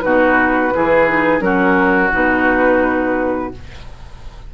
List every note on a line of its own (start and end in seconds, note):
0.00 0.73 B2
0.00 0.71 D#4
0.00 0.74 F#4
0.00 1.40 B4
0.74 1.40 E3
0.74 1.08 E4
0.74 1.44 G#4
1.08 1.40 D#4
1.40 2.10 F#3
1.40 2.10 C#4
1.40 3.53 F#4
1.40 2.10 A#4
2.12 3.54 B2
2.12 3.51 D#4
2.12 3.54 B4